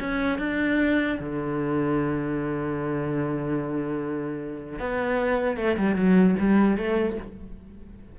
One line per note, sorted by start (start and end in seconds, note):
0.00 0.39 C#4
0.39 1.19 D4
1.20 4.80 D3
4.80 5.57 B3
5.57 5.77 A3
5.78 5.96 G3
5.96 6.36 F#3
6.40 6.78 G3
6.78 7.18 A3